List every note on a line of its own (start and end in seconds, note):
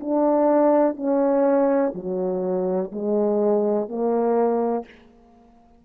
0.00 0.96 D4
0.96 1.93 C#4
1.94 2.91 F#3
2.91 3.88 G#3
3.88 4.85 A#3